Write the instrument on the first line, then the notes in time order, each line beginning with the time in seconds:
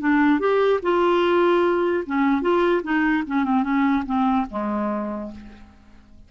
clarinet
0.00 D4
0.39 G4
0.82 F4
2.07 C#4
2.42 F4
2.83 D#4
3.27 C#4
3.44 C4
3.63 C#4
4.06 C4
4.50 G#3